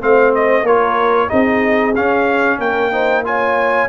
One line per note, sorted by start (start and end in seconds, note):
0.00 0.63 A3
0.00 0.65 C4
0.00 0.64 C5
0.00 0.34 F5
0.34 0.66 D#5
0.63 1.27 A#3
0.63 1.28 F4
0.63 1.29 A#4
0.63 1.29 C#5
1.28 1.96 C4
1.28 1.93 D#4
1.28 2.58 G#4
1.28 1.94 D#5
1.95 2.59 C#4
1.95 2.92 C#4
1.95 2.60 F5
2.59 3.88 A#3
2.59 2.91 A#4
2.59 3.24 G5
2.92 3.24 D#4
2.92 3.24 C5
3.24 3.89 F4
3.24 3.89 C#5
3.24 3.89 G#5